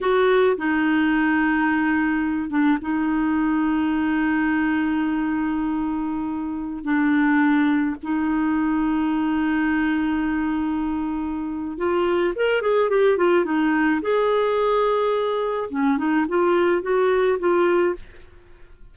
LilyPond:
\new Staff \with { instrumentName = "clarinet" } { \time 4/4 \tempo 4 = 107 fis'4 dis'2.~ | dis'8 d'8 dis'2.~ | dis'1~ | dis'16 d'2 dis'4.~ dis'16~ |
dis'1~ | dis'4 f'4 ais'8 gis'8 g'8 f'8 | dis'4 gis'2. | cis'8 dis'8 f'4 fis'4 f'4 | }